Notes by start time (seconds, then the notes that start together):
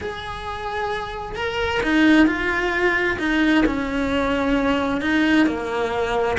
0.01 G#4
1.35 A#4
1.82 D#4
2.26 F4
3.18 D#4
3.65 C#4
5.01 D#4
5.46 A#3